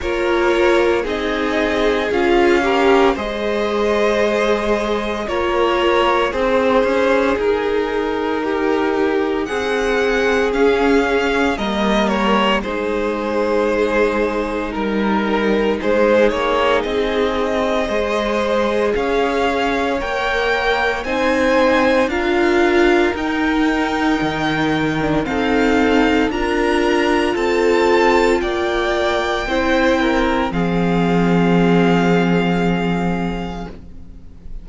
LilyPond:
<<
  \new Staff \with { instrumentName = "violin" } { \time 4/4 \tempo 4 = 57 cis''4 dis''4 f''4 dis''4~ | dis''4 cis''4 c''4 ais'4~ | ais'4 fis''4 f''4 dis''8 cis''8 | c''2 ais'4 c''8 cis''8 |
dis''2 f''4 g''4 | gis''4 f''4 g''2 | f''4 ais''4 a''4 g''4~ | g''4 f''2. | }
  \new Staff \with { instrumentName = "violin" } { \time 4/4 ais'4 gis'4. ais'8 c''4~ | c''4 ais'4 gis'2 | g'4 gis'2 ais'4 | gis'2 ais'4 gis'4~ |
gis'4 c''4 cis''2 | c''4 ais'2. | a'4 ais'4 a'4 d''4 | c''8 ais'8 gis'2. | }
  \new Staff \with { instrumentName = "viola" } { \time 4/4 f'4 dis'4 f'8 g'8 gis'4~ | gis'4 f'4 dis'2~ | dis'2 cis'4 ais4 | dis'1~ |
dis'4 gis'2 ais'4 | dis'4 f'4 dis'4.~ dis'16 d'16 | c'4 f'2. | e'4 c'2. | }
  \new Staff \with { instrumentName = "cello" } { \time 4/4 ais4 c'4 cis'4 gis4~ | gis4 ais4 c'8 cis'8 dis'4~ | dis'4 c'4 cis'4 g4 | gis2 g4 gis8 ais8 |
c'4 gis4 cis'4 ais4 | c'4 d'4 dis'4 dis4 | dis'4 d'4 c'4 ais4 | c'4 f2. | }
>>